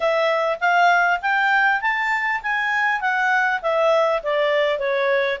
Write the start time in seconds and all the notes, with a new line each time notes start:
0.00 E5
0.60 F5
1.21 G5
1.81 A5
2.42 G#5
3.01 F#5
3.62 E5
4.22 D5
4.78 C#5